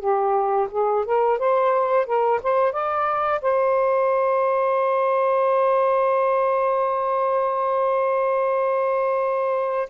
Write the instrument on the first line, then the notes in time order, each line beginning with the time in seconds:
saxophone
0.00 G4
0.71 G#4
1.06 A#4
1.39 C5
2.07 A#4
2.43 C5
2.73 D5
3.42 C5